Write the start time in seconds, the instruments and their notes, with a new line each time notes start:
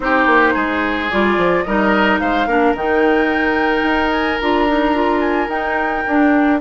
0.00 bassoon C4, clarinet D#4, oboe G4, flute C5
0.26 bassoon A#3
0.53 bassoon G#3, oboe G#4
1.10 bassoon G3, clarinet F4, flute D5
1.37 bassoon F3
1.62 bassoon G3, clarinet D#4, oboe A#4, flute D#5
2.19 bassoon G#3, oboe C5, flute F5
2.46 bassoon A#3, clarinet D4, oboe A#4
2.74 bassoon D#3, clarinet D#4, flute G5
3.82 bassoon D#4
4.11 flute G#5
4.39 bassoon D4, clarinet F4, flute A#5
4.68 clarinet D#4
4.94 clarinet F4
5.20 flute G#5
5.48 bassoon D#4, clarinet D#4, flute G5
6.07 bassoon D4, clarinet D4